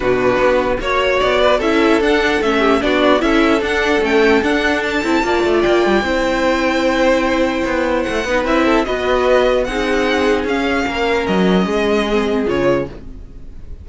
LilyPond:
<<
  \new Staff \with { instrumentName = "violin" } { \time 4/4 \tempo 4 = 149 b'2 cis''4 d''4 | e''4 fis''4 e''4 d''4 | e''4 fis''4 g''4 fis''4 | a''2 g''2~ |
g''1 | fis''4 e''4 dis''2 | fis''2 f''2 | dis''2. cis''4 | }
  \new Staff \with { instrumentName = "violin" } { \time 4/4 fis'2 cis''4. b'8 | a'2~ a'8 g'8 fis'4 | a'1~ | a'4 d''2 c''4~ |
c''1~ | c''8 b'4 a'8 b'2 | gis'2. ais'4~ | ais'4 gis'2. | }
  \new Staff \with { instrumentName = "viola" } { \time 4/4 d'2 fis'2 | e'4 d'4 cis'4 d'4 | e'4 d'4 cis'4 d'4~ | d'8 e'8 f'2 e'4~ |
e'1~ | e'8 dis'8 e'4 fis'2 | dis'2 cis'2~ | cis'2 c'4 f'4 | }
  \new Staff \with { instrumentName = "cello" } { \time 4/4 b,4 b4 ais4 b4 | cis'4 d'4 a4 b4 | cis'4 d'4 a4 d'4~ | d'8 c'8 ais8 a8 ais8 g8 c'4~ |
c'2. b4 | a8 b8 c'4 b2 | c'2 cis'4 ais4 | fis4 gis2 cis4 | }
>>